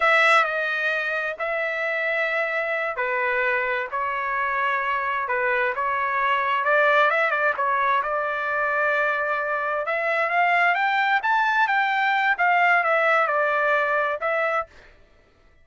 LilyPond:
\new Staff \with { instrumentName = "trumpet" } { \time 4/4 \tempo 4 = 131 e''4 dis''2 e''4~ | e''2~ e''8 b'4.~ | b'8 cis''2. b'8~ | b'8 cis''2 d''4 e''8 |
d''8 cis''4 d''2~ d''8~ | d''4. e''4 f''4 g''8~ | g''8 a''4 g''4. f''4 | e''4 d''2 e''4 | }